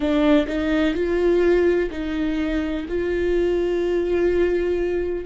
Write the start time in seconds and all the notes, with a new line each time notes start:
0.00 D4
0.47 D#4
0.94 F4
1.90 D#4
2.88 F4